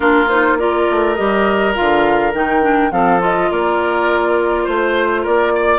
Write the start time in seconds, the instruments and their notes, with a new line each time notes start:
0.00 bassoon A#3, clarinet D4, oboe F4, flute A#4
0.28 clarinet D#4, flute C5
0.58 clarinet F4, oboe A#4, flute D5
0.89 bassoon A3
1.15 bassoon G3, clarinet G4, flute D#5
1.74 bassoon D3, clarinet F4, flute F5
2.33 bassoon D#3, clarinet D#4, flute G5
2.61 clarinet D4
2.91 bassoon F3, clarinet C4, oboe A4, flute F5
3.19 clarinet F4, flute D#5
3.50 bassoon A#3, oboe A#4, flute D5
4.63 bassoon A3, oboe C5, flute C5
5.22 bassoon A#3, oboe A#4, flute D5
5.55 oboe D5